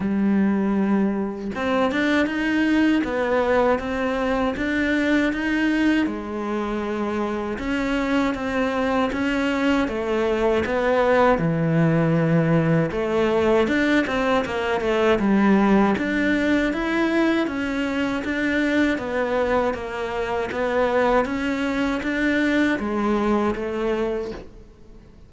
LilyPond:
\new Staff \with { instrumentName = "cello" } { \time 4/4 \tempo 4 = 79 g2 c'8 d'8 dis'4 | b4 c'4 d'4 dis'4 | gis2 cis'4 c'4 | cis'4 a4 b4 e4~ |
e4 a4 d'8 c'8 ais8 a8 | g4 d'4 e'4 cis'4 | d'4 b4 ais4 b4 | cis'4 d'4 gis4 a4 | }